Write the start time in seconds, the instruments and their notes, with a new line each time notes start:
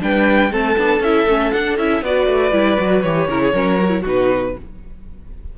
0.00 cello G3, viola D4, violin B4 G5
0.51 cello A3, viola C4, violin A4 A5
0.77 cello B3, viola D4
0.99 cello C#4, viola E4, violin E5
1.26 cello A3, viola C#4
1.51 viola D4, cello D4, violin F#5
1.77 cello C#4, viola E4, violin E5
2.02 cello B3, viola F#4, violin B4 D5
2.26 cello A3
2.52 cello G3, viola E4
2.77 cello F#3, viola F#4
3.02 cello E3, viola G4, violin C#5
3.28 cello C#3, viola E4, violin A#4
3.41 violin G#4
3.53 cello F#3, viola C#4, violin A#4
3.79 viola F#4
3.89 viola E4
4.01 cello B2, viola D#4, violin F#4 B4